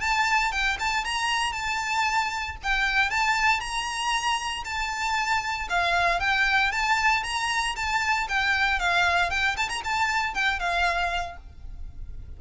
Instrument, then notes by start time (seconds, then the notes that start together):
violin
0.00 A5
0.51 G5
0.79 A5
1.04 A#5
1.52 A5
2.63 G5
3.10 A5
3.60 A#5
4.64 A5
5.69 F5
6.20 G5
6.71 A5
7.23 A#5
7.75 A5
8.28 G5
8.79 F5
9.30 G5
9.56 A5
9.68 A#5
9.84 A5
10.34 G5
10.59 F5